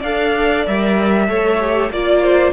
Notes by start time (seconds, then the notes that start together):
0.00 D4 A4 D5 F5
0.67 G3 A#4 E5
1.28 A3 A4 C#5
1.61 G4
1.90 A#3 F4 D5
2.22 C5